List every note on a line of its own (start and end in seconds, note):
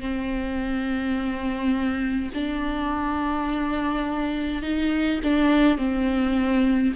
0.00 2.31 C4
2.34 4.63 D4
4.63 5.20 D#4
5.23 5.77 D4
5.77 6.93 C4